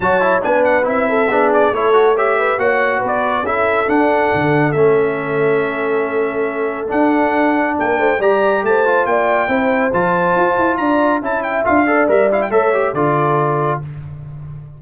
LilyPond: <<
  \new Staff \with { instrumentName = "trumpet" } { \time 4/4 \tempo 4 = 139 a''4 gis''8 fis''8 e''4. d''8 | cis''4 e''4 fis''4 d''4 | e''4 fis''2 e''4~ | e''1 |
fis''2 g''4 ais''4 | a''4 g''2 a''4~ | a''4 ais''4 a''8 g''8 f''4 | e''8 f''16 g''16 e''4 d''2 | }
  \new Staff \with { instrumentName = "horn" } { \time 4/4 cis''4 b'4. a'8 gis'4 | a'4 cis''8 b'8 cis''4 b'4 | a'1~ | a'1~ |
a'2 ais'8 c''8 d''4 | c''4 d''4 c''2~ | c''4 d''4 e''4. d''8~ | d''4 cis''4 a'2 | }
  \new Staff \with { instrumentName = "trombone" } { \time 4/4 fis'8 e'8 d'4 e'4 d'4 | e'8 fis'8 g'4 fis'2 | e'4 d'2 cis'4~ | cis'1 |
d'2. g'4~ | g'8 f'4. e'4 f'4~ | f'2 e'4 f'8 a'8 | ais'8 e'8 a'8 g'8 f'2 | }
  \new Staff \with { instrumentName = "tuba" } { \time 4/4 fis4 b4 c'4 b4 | a2 ais4 b4 | cis'4 d'4 d4 a4~ | a1 |
d'2 ais8 a8 g4 | a4 ais4 c'4 f4 | f'8 e'8 d'4 cis'4 d'4 | g4 a4 d2 | }
>>